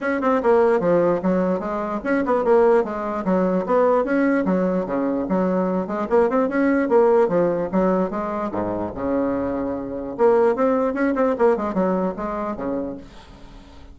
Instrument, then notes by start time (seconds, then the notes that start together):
bassoon
0.01 C#4
0.21 C4
0.43 A#3
0.80 F3
1.22 F#3
1.59 G#3
2.04 C#4
2.25 B3
2.44 A#3
2.83 G#3
3.24 F#3
3.66 B3
4.04 C#4
4.45 F#3
4.85 C#3
5.28 F#3
5.87 G#3
6.09 A#3
6.29 C4
6.48 C#4
6.88 A#3
7.28 F3
7.71 F#3
8.10 G#3
8.51 G#2
8.94 C#3
10.17 A#3
10.55 C4
10.94 C#4
11.15 C4
11.38 A#3
11.57 G#3
11.74 F#3
12.16 G#3
12.56 C#3